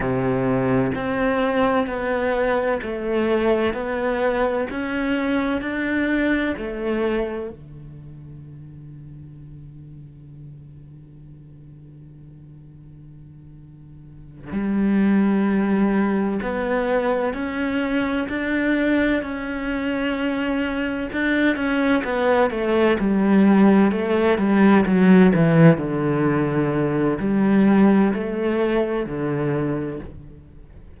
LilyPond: \new Staff \with { instrumentName = "cello" } { \time 4/4 \tempo 4 = 64 c4 c'4 b4 a4 | b4 cis'4 d'4 a4 | d1~ | d2.~ d8 g8~ |
g4. b4 cis'4 d'8~ | d'8 cis'2 d'8 cis'8 b8 | a8 g4 a8 g8 fis8 e8 d8~ | d4 g4 a4 d4 | }